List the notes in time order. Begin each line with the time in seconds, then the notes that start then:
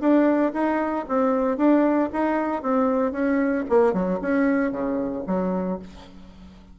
0.00 D4
0.53 D#4
1.08 C4
1.57 D4
2.13 D#4
2.63 C4
3.12 C#4
3.69 A#3
3.93 F#3
4.21 C#4
4.71 C#3
5.27 F#3